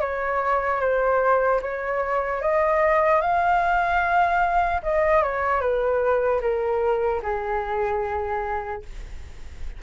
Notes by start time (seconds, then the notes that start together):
0.00 C#5
0.80 C5
1.61 C#5
2.41 D#5
3.21 F5
4.82 D#5
5.22 C#5
5.60 B4
6.41 A#4
7.22 G#4